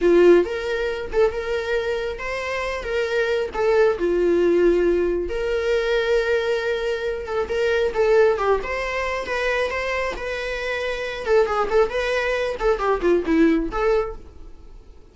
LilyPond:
\new Staff \with { instrumentName = "viola" } { \time 4/4 \tempo 4 = 136 f'4 ais'4. a'8 ais'4~ | ais'4 c''4. ais'4. | a'4 f'2. | ais'1~ |
ais'8 a'8 ais'4 a'4 g'8 c''8~ | c''4 b'4 c''4 b'4~ | b'4. a'8 gis'8 a'8 b'4~ | b'8 a'8 g'8 f'8 e'4 a'4 | }